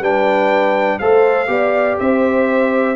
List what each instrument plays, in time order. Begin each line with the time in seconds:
0.00 tuba G3, trombone D4, horn B4, trumpet G5
0.99 tuba A3, trombone A4, horn C5, trumpet F5
1.47 tuba B3, trombone G4, horn D5
1.99 tuba C4, horn C5, trumpet E5